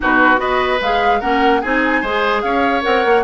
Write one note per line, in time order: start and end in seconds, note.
0.00 0.38 B2
0.00 0.37 D#4
0.00 0.40 F#4
0.00 0.39 B4
0.37 0.78 B3
0.37 0.77 F#4
0.37 1.20 B4
0.37 0.80 D#5
0.81 1.21 G#3
0.81 1.21 G#4
0.81 1.20 F5
1.20 1.63 A#3
1.20 1.62 C#4
1.20 1.60 A#4
1.20 1.61 F#5
1.61 2.02 C4
1.61 2.04 D#4
1.61 2.01 G#4
1.61 2.41 G#5
2.01 2.43 G#3
2.01 2.82 G#4
2.01 2.41 C5
2.41 2.84 C#4
2.41 3.24 C#5
2.41 2.82 F5
2.82 3.05 C4
2.82 3.22 A#4
2.82 3.24 F#5
3.05 3.24 A#3